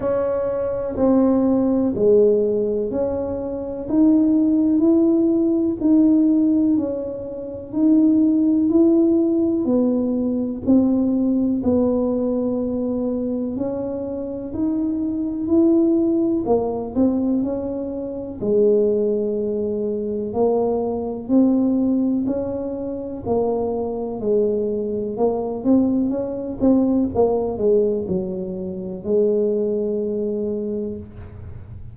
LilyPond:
\new Staff \with { instrumentName = "tuba" } { \time 4/4 \tempo 4 = 62 cis'4 c'4 gis4 cis'4 | dis'4 e'4 dis'4 cis'4 | dis'4 e'4 b4 c'4 | b2 cis'4 dis'4 |
e'4 ais8 c'8 cis'4 gis4~ | gis4 ais4 c'4 cis'4 | ais4 gis4 ais8 c'8 cis'8 c'8 | ais8 gis8 fis4 gis2 | }